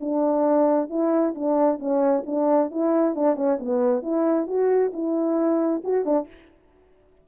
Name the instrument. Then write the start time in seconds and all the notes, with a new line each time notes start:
horn
0.00 D4
0.89 E4
1.34 D4
1.79 C#4
2.26 D4
2.70 E4
3.15 D4
3.35 C#4
3.59 B3
4.02 E4
4.47 F#4
4.93 E4
5.84 F#4
6.05 D4